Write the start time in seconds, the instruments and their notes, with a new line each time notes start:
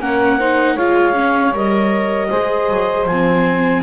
0.00 double bass A#3, viola C#4, saxophone A#4, clarinet F#5
0.38 viola D#4, saxophone C5
0.74 double bass G#3, viola F4, saxophone C#5, clarinet F5
1.13 viola C#4
1.53 double bass G3, viola A#4, clarinet D#5
2.30 double bass G#3, viola G#4, saxophone C5
2.70 double bass F#3
3.05 double bass F3, clarinet G#5
3.12 viola C4